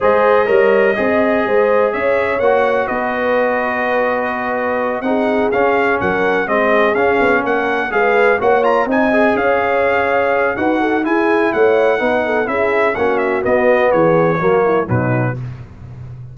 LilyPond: <<
  \new Staff \with { instrumentName = "trumpet" } { \time 4/4 \tempo 4 = 125 dis''1 | e''4 fis''4 dis''2~ | dis''2~ dis''8 fis''4 f''8~ | f''8 fis''4 dis''4 f''4 fis''8~ |
fis''8 f''4 fis''8 ais''8 gis''4 f''8~ | f''2 fis''4 gis''4 | fis''2 e''4 fis''8 e''8 | dis''4 cis''2 b'4 | }
  \new Staff \with { instrumentName = "horn" } { \time 4/4 c''4 cis''4 dis''4 c''4 | cis''2 b'2~ | b'2~ b'8 gis'4.~ | gis'8 ais'4 gis'2 ais'8~ |
ais'8 b'4 cis''4 dis''4 cis''8~ | cis''2 b'8 a'8 gis'4 | cis''4 b'8 a'8 gis'4 fis'4~ | fis'4 gis'4 fis'8 e'8 dis'4 | }
  \new Staff \with { instrumentName = "trombone" } { \time 4/4 gis'4 ais'4 gis'2~ | gis'4 fis'2.~ | fis'2~ fis'8 dis'4 cis'8~ | cis'4. c'4 cis'4.~ |
cis'8 gis'4 fis'8 f'8 dis'8 gis'4~ | gis'2 fis'4 e'4~ | e'4 dis'4 e'4 cis'4 | b2 ais4 fis4 | }
  \new Staff \with { instrumentName = "tuba" } { \time 4/4 gis4 g4 c'4 gis4 | cis'4 ais4 b2~ | b2~ b8 c'4 cis'8~ | cis'8 fis4 gis4 cis'8 b8 ais8~ |
ais8 gis4 ais4 c'4 cis'8~ | cis'2 dis'4 e'4 | a4 b4 cis'4 ais4 | b4 e4 fis4 b,4 | }
>>